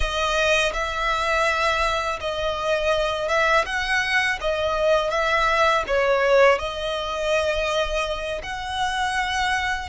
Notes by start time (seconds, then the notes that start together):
0.00 D#5
0.73 E5
2.20 D#5
3.28 E5
3.66 F#5
4.40 D#5
5.10 E5
5.87 C#5
6.58 D#5
8.42 F#5